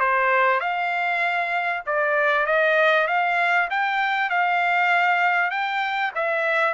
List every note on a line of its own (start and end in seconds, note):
0.00 0.60 C5
0.60 1.83 F5
1.86 2.46 D5
2.46 3.07 D#5
3.07 3.68 F5
3.70 4.30 G5
4.30 5.50 F5
5.50 6.12 G5
6.15 6.74 E5